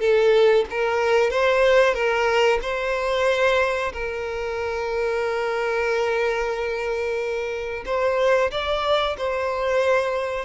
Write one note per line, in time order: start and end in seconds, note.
0.00 0.65 A4
0.71 1.30 A#4
1.30 1.94 C5
1.94 2.59 A#4
2.62 3.92 C5
3.93 7.84 A#4
7.86 8.51 C5
8.51 9.17 D5
9.18 10.45 C5